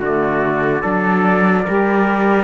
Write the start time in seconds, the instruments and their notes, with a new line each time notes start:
0.00 cello D3, saxophone A3, trumpet F#4 D5
0.79 cello F#3, saxophone D4, trumpet A4
1.64 cello G3, saxophone G4, trumpet A#4